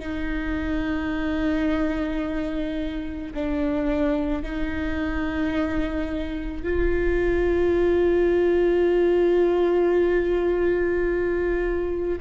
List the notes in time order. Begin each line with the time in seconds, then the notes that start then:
0.00 D#4
3.35 D4
4.43 D#4
6.64 F4